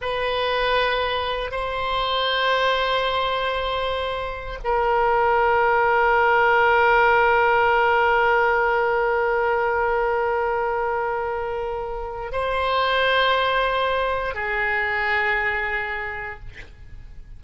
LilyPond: \new Staff \with { instrumentName = "oboe" } { \time 4/4 \tempo 4 = 117 b'2. c''4~ | c''1~ | c''4 ais'2.~ | ais'1~ |
ais'1~ | ais'1 | c''1 | gis'1 | }